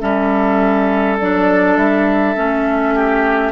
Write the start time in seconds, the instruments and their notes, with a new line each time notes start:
0.00 bassoon G3, clarinet C#4, oboe A4, flute E5
1.19 bassoon F#3, clarinet D4, flute D5
1.77 bassoon G3, flute E5
2.36 bassoon A3, clarinet C#4
2.95 oboe G4